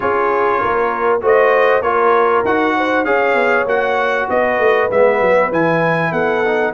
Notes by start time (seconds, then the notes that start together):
0.00 C#4 F4 G#4 C#5
0.60 A#3 A#4
1.21 A3 F#4 C5 D#5
1.81 A#3 F4 A#4 C#5
2.44 D#4 F#4 F#5
2.76 C5
3.04 C#4 G#4 C#5 F5
3.34 B3
3.65 A#3 F#4 F#5
4.28 B3 B4 D#5
4.59 A3
4.91 G#3 B3 E5
5.20 F#3
5.51 E3 E4 G#5
6.11 B3 A4 F#5
6.44 D#4